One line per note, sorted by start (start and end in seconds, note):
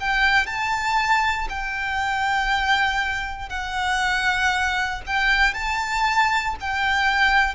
0.00 0.47 G5
0.47 1.48 A5
1.49 3.49 G5
3.49 5.02 F#5
5.07 5.54 G5
5.54 6.55 A5
6.61 7.55 G5